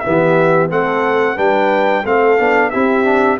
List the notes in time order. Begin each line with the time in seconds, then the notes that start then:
0.00 B3 E5
0.06 E3 G4
0.70 A3 C4 A4 F#5
1.36 G3 D4 B4 G5
2.05 A3 C4 A4 F5
2.39 B3 D4
2.71 C4 E4 G4 E5
3.05 D4